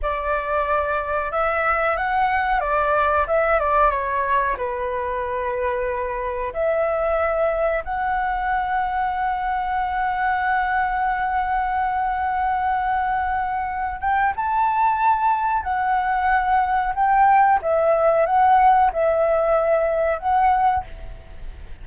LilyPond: \new Staff \with { instrumentName = "flute" } { \time 4/4 \tempo 4 = 92 d''2 e''4 fis''4 | d''4 e''8 d''8 cis''4 b'4~ | b'2 e''2 | fis''1~ |
fis''1~ | fis''4. g''8 a''2 | fis''2 g''4 e''4 | fis''4 e''2 fis''4 | }